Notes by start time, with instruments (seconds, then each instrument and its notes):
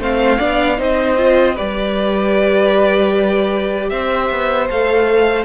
0.00 cello A3, viola C4, violin C5 F5
0.39 cello B3, viola D4, violin D5
0.78 cello C4, viola D#4, violin C5 D#5
1.18 viola F4
1.56 cello G3, viola G4, violin B4 D5
3.90 cello C4, violin C5 E5
4.31 cello B3
4.70 cello A3, viola A4, violin F5